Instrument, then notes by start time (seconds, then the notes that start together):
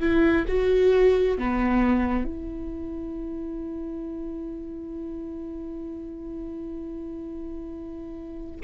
viola
0.00 E4
0.48 F#4
1.38 B3
2.25 E4